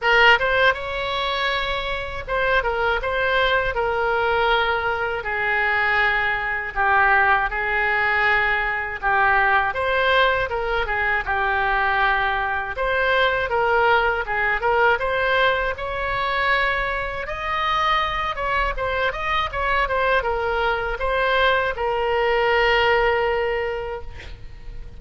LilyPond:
\new Staff \with { instrumentName = "oboe" } { \time 4/4 \tempo 4 = 80 ais'8 c''8 cis''2 c''8 ais'8 | c''4 ais'2 gis'4~ | gis'4 g'4 gis'2 | g'4 c''4 ais'8 gis'8 g'4~ |
g'4 c''4 ais'4 gis'8 ais'8 | c''4 cis''2 dis''4~ | dis''8 cis''8 c''8 dis''8 cis''8 c''8 ais'4 | c''4 ais'2. | }